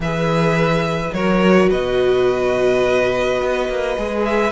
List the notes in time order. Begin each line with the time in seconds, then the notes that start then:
0.00 E3 G#4 B4 E5
1.13 F#3 F#4 A#4 C#5
1.69 B2 B4 D#5
3.41 B3
3.68 A#3
3.97 G#3 G#4
4.25 E5